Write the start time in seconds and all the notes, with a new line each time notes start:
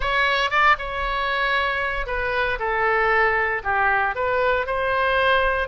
0.00 C#5
0.50 D5
0.78 C#5
2.06 B4
2.59 A4
3.63 G4
4.15 B4
4.66 C5